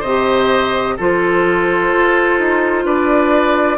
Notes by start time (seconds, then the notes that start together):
0.00 C3 C5 D#5
0.07 G4
0.96 F3 F4 A4 C5
1.93 F4
2.38 D#4
2.84 D4 B4 D5